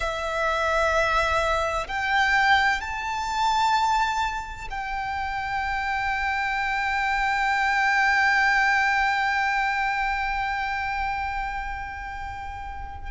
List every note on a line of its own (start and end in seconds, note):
0.00 1.87 E5
1.87 2.80 G5
2.80 4.68 A5
4.70 13.11 G5